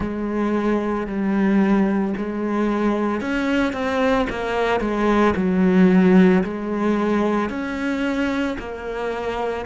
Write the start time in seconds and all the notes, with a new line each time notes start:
0.00 G#3
1.07 G3
2.17 G#3
3.20 C#4
3.73 C4
4.29 A#3
4.80 G#3
5.36 F#3
6.43 G#3
7.50 C#4
8.59 A#3